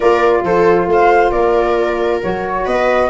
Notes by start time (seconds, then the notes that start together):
0.00 A#3 F4 A#4 D5
0.42 F3 A4 C5
0.87 A3 C5 F5
1.30 A#3 A#4 D5
2.20 F#3 F#4 C#5
2.64 B3 B4 D#5